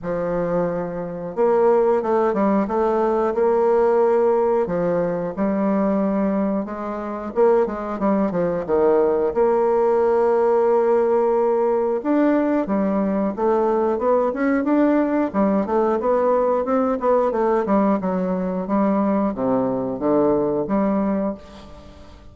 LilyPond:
\new Staff \with { instrumentName = "bassoon" } { \time 4/4 \tempo 4 = 90 f2 ais4 a8 g8 | a4 ais2 f4 | g2 gis4 ais8 gis8 | g8 f8 dis4 ais2~ |
ais2 d'4 g4 | a4 b8 cis'8 d'4 g8 a8 | b4 c'8 b8 a8 g8 fis4 | g4 c4 d4 g4 | }